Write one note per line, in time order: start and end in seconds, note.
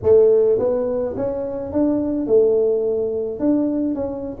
0.03 0.58 A3
0.58 1.15 B3
1.16 1.72 C#4
1.72 2.26 D4
2.26 3.39 A3
3.39 3.94 D4
3.94 4.37 C#4